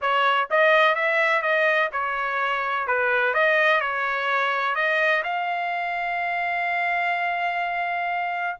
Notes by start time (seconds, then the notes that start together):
0.01 C#5
0.50 D#5
0.95 E5
1.42 D#5
1.92 C#5
2.87 B4
3.34 D#5
3.80 C#5
4.75 D#5
5.23 F5